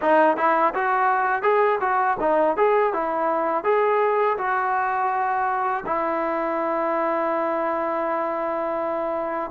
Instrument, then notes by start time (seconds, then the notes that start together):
trombone
0.01 D#4
0.37 E4
0.74 F#4
1.42 G#4
1.80 F#4
2.20 D#4
2.56 G#4
2.93 E4
3.64 G#4
4.37 F#4
5.86 E4